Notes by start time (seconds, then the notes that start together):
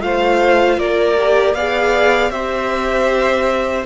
0.00 A3 F4 C5 F5
0.77 A#3 A#4 D5
1.17 G4
1.54 B3 G#4 D5 F5
2.30 C4 G4 C5 E5